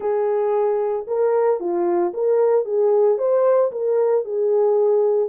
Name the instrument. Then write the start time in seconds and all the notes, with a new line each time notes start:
horn
0.00 G#4
1.07 A#4
1.59 F4
2.13 A#4
2.65 G#4
3.18 C5
3.71 A#4
4.25 G#4